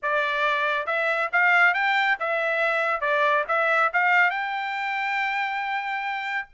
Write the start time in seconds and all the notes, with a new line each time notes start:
0.02 D5
0.86 E5
1.32 F5
1.74 G5
2.19 E5
3.01 D5
3.48 E5
3.93 F5
4.30 G5